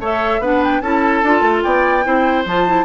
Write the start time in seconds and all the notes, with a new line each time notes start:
0.00 A3 A4 C#5 E5
0.40 B3 D4 B4 F#5
0.64 G5
0.81 C#4 E4 A4 A5
1.23 D4 F4
1.42 A3
1.63 B3 D5 G5
2.04 C4 E4 C5
2.46 F3 F4 A5
2.68 E4